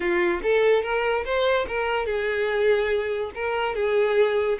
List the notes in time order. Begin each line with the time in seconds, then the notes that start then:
0.00 F4
0.43 A4
0.82 A#4
1.24 C5
1.68 A#4
2.06 G#4
3.34 A#4
3.75 G#4